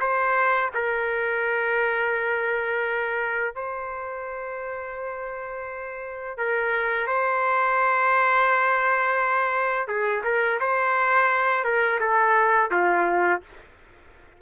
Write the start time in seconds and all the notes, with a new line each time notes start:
0.00 C5
0.74 A#4
3.55 C5
6.37 A#4
7.07 C5
9.88 G#4
10.24 A#4
10.60 C5
11.64 A#4
12.00 A4
12.71 F4